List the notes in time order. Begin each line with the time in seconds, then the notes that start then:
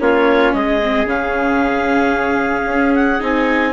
0.00 A#3 C#4 F4 C#5
0.54 G#3 G#4 D#5
0.83 C4
1.06 C#3 C#4 F5
2.66 C#4
2.95 F#5
3.20 C4 D#4 G#5